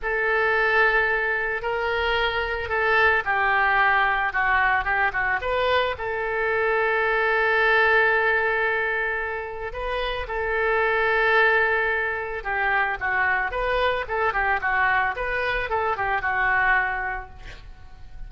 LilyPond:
\new Staff \with { instrumentName = "oboe" } { \time 4/4 \tempo 4 = 111 a'2. ais'4~ | ais'4 a'4 g'2 | fis'4 g'8 fis'8 b'4 a'4~ | a'1~ |
a'2 b'4 a'4~ | a'2. g'4 | fis'4 b'4 a'8 g'8 fis'4 | b'4 a'8 g'8 fis'2 | }